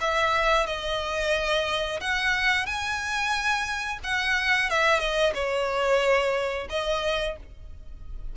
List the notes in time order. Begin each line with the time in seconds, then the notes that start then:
0.00 E5
0.66 D#5
2.00 F#5
2.65 G#5
4.03 F#5
4.69 E5
4.99 D#5
5.34 C#5
6.69 D#5